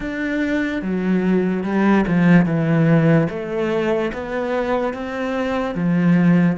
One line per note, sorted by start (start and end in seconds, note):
0.00 0.82 D4
0.82 1.63 F#3
1.63 2.04 G3
2.07 2.45 F3
2.45 3.27 E3
3.29 4.11 A3
4.13 4.93 B3
4.93 5.74 C4
5.74 6.56 F3